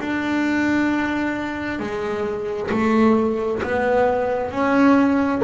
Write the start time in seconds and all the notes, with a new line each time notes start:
0.00 D4
1.79 G#3
2.71 A3
3.63 B3
4.51 C#4